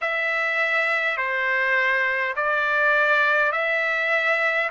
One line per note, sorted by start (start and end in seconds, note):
0.01 1.17 E5
1.17 2.34 C5
2.35 3.52 D5
3.52 4.70 E5